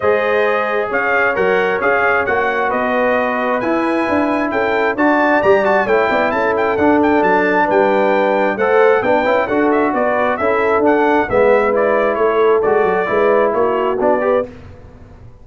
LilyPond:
<<
  \new Staff \with { instrumentName = "trumpet" } { \time 4/4 \tempo 4 = 133 dis''2 f''4 fis''4 | f''4 fis''4 dis''2 | gis''2 g''4 a''4 | ais''8 a''8 g''4 a''8 g''8 fis''8 g''8 |
a''4 g''2 fis''4 | g''4 fis''8 e''8 d''4 e''4 | fis''4 e''4 d''4 cis''4 | d''2 cis''4 d''4 | }
  \new Staff \with { instrumentName = "horn" } { \time 4/4 c''2 cis''2~ | cis''2 b'2~ | b'2 a'4 d''4~ | d''4 cis''8 d''8 a'2~ |
a'4 b'2 c''4 | b'4 a'4 b'4 a'4~ | a'4 b'2 a'4~ | a'4 b'4 fis'4. b'8 | }
  \new Staff \with { instrumentName = "trombone" } { \time 4/4 gis'2. ais'4 | gis'4 fis'2. | e'2. fis'4 | g'8 fis'8 e'2 d'4~ |
d'2. a'4 | d'8 e'8 fis'2 e'4 | d'4 b4 e'2 | fis'4 e'2 d'8 g'8 | }
  \new Staff \with { instrumentName = "tuba" } { \time 4/4 gis2 cis'4 fis4 | cis'4 ais4 b2 | e'4 d'4 cis'4 d'4 | g4 a8 b8 cis'4 d'4 |
fis4 g2 a4 | b8 cis'8 d'4 b4 cis'4 | d'4 gis2 a4 | gis8 fis8 gis4 ais4 b4 | }
>>